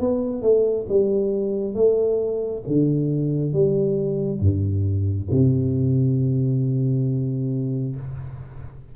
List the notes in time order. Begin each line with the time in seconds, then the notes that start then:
0.00 B3
0.42 A3
0.89 G3
1.74 A3
2.67 D3
3.53 G3
4.40 G2
5.31 C3